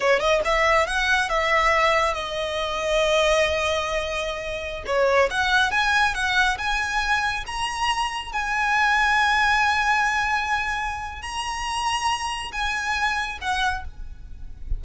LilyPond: \new Staff \with { instrumentName = "violin" } { \time 4/4 \tempo 4 = 139 cis''8 dis''8 e''4 fis''4 e''4~ | e''4 dis''2.~ | dis''2.~ dis''16 cis''8.~ | cis''16 fis''4 gis''4 fis''4 gis''8.~ |
gis''4~ gis''16 ais''2 gis''8.~ | gis''1~ | gis''2 ais''2~ | ais''4 gis''2 fis''4 | }